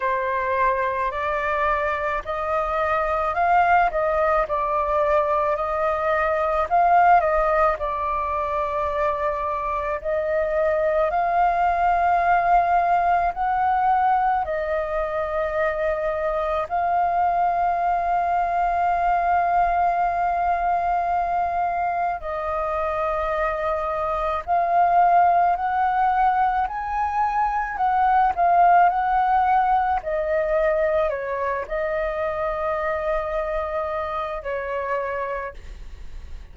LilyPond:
\new Staff \with { instrumentName = "flute" } { \time 4/4 \tempo 4 = 54 c''4 d''4 dis''4 f''8 dis''8 | d''4 dis''4 f''8 dis''8 d''4~ | d''4 dis''4 f''2 | fis''4 dis''2 f''4~ |
f''1 | dis''2 f''4 fis''4 | gis''4 fis''8 f''8 fis''4 dis''4 | cis''8 dis''2~ dis''8 cis''4 | }